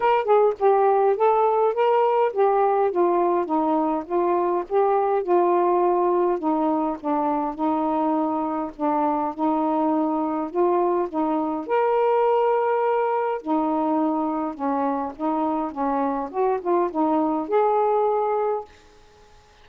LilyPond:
\new Staff \with { instrumentName = "saxophone" } { \time 4/4 \tempo 4 = 103 ais'8 gis'8 g'4 a'4 ais'4 | g'4 f'4 dis'4 f'4 | g'4 f'2 dis'4 | d'4 dis'2 d'4 |
dis'2 f'4 dis'4 | ais'2. dis'4~ | dis'4 cis'4 dis'4 cis'4 | fis'8 f'8 dis'4 gis'2 | }